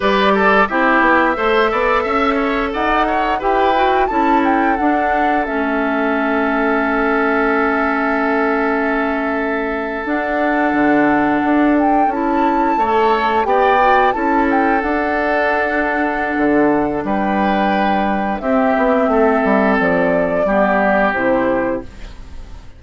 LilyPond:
<<
  \new Staff \with { instrumentName = "flute" } { \time 4/4 \tempo 4 = 88 d''4 e''2. | fis''4 g''4 a''8 g''8 fis''4 | e''1~ | e''2~ e''8. fis''4~ fis''16~ |
fis''4~ fis''16 g''8 a''2 g''16~ | g''8. a''8 g''8 fis''2~ fis''16~ | fis''4 g''2 e''4~ | e''4 d''2 c''4 | }
  \new Staff \with { instrumentName = "oboe" } { \time 4/4 b'8 a'8 g'4 c''8 d''8 e''8 cis''8 | d''8 cis''8 b'4 a'2~ | a'1~ | a'1~ |
a'2~ a'8. cis''4 d''16~ | d''8. a'2.~ a'16~ | a'4 b'2 g'4 | a'2 g'2 | }
  \new Staff \with { instrumentName = "clarinet" } { \time 4/4 g'4 e'4 a'2~ | a'4 g'8 fis'8 e'4 d'4 | cis'1~ | cis'2~ cis'8. d'4~ d'16~ |
d'4.~ d'16 e'4 a'4 g'16~ | g'16 fis'8 e'4 d'2~ d'16~ | d'2. c'4~ | c'2 b4 e'4 | }
  \new Staff \with { instrumentName = "bassoon" } { \time 4/4 g4 c'8 b8 a8 b8 cis'4 | dis'4 e'4 cis'4 d'4 | a1~ | a2~ a8. d'4 d16~ |
d8. d'4 cis'4 a4 b16~ | b8. cis'4 d'2~ d'16 | d4 g2 c'8 b8 | a8 g8 f4 g4 c4 | }
>>